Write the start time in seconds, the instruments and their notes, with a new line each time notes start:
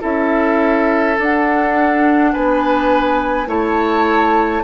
0.00 bassoon C#4, clarinet E4, oboe A4, flute E5
1.18 bassoon D4, clarinet D4, flute F#5
2.32 bassoon B3, oboe B4, flute G#5
3.46 bassoon A3, clarinet E4, oboe C#5, flute A5